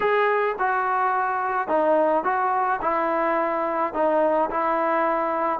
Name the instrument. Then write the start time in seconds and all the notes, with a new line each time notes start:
trombone
0.00 G#4
0.58 F#4
1.68 D#4
2.24 F#4
2.81 E4
3.93 D#4
4.50 E4